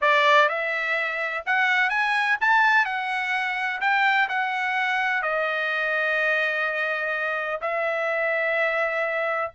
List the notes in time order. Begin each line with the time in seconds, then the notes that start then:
0.01 D5
0.48 E5
1.45 F#5
1.89 G#5
2.40 A5
2.85 F#5
3.80 G5
4.29 F#5
5.22 D#5
7.61 E5